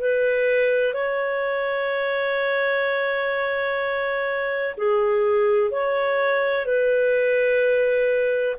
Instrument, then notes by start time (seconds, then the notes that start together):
clarinet
0.00 B4
0.94 C#5
4.77 G#4
5.71 C#5
6.65 B4